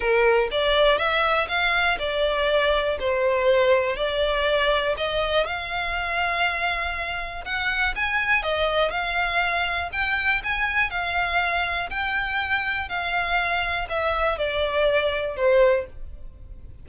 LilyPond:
\new Staff \with { instrumentName = "violin" } { \time 4/4 \tempo 4 = 121 ais'4 d''4 e''4 f''4 | d''2 c''2 | d''2 dis''4 f''4~ | f''2. fis''4 |
gis''4 dis''4 f''2 | g''4 gis''4 f''2 | g''2 f''2 | e''4 d''2 c''4 | }